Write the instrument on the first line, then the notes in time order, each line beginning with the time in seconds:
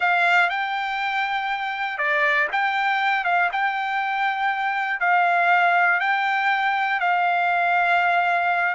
trumpet
0.00 F5
0.49 G5
1.97 D5
2.52 G5
3.24 F5
3.52 G5
5.00 F5
6.00 G5
7.00 F5